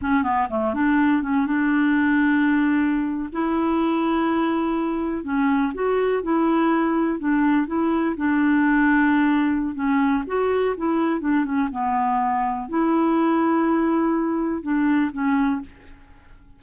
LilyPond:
\new Staff \with { instrumentName = "clarinet" } { \time 4/4 \tempo 4 = 123 cis'8 b8 a8 d'4 cis'8 d'4~ | d'2~ d'8. e'4~ e'16~ | e'2~ e'8. cis'4 fis'16~ | fis'8. e'2 d'4 e'16~ |
e'8. d'2.~ d'16 | cis'4 fis'4 e'4 d'8 cis'8 | b2 e'2~ | e'2 d'4 cis'4 | }